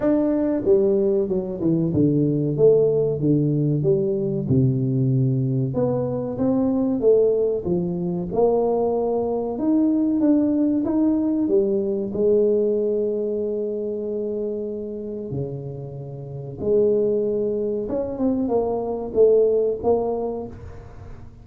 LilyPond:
\new Staff \with { instrumentName = "tuba" } { \time 4/4 \tempo 4 = 94 d'4 g4 fis8 e8 d4 | a4 d4 g4 c4~ | c4 b4 c'4 a4 | f4 ais2 dis'4 |
d'4 dis'4 g4 gis4~ | gis1 | cis2 gis2 | cis'8 c'8 ais4 a4 ais4 | }